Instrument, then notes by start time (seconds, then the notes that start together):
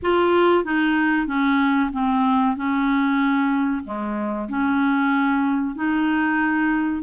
clarinet
0.02 F4
0.64 D#4
1.26 C#4
1.92 C4
2.56 C#4
3.84 G#3
4.49 C#4
5.74 D#4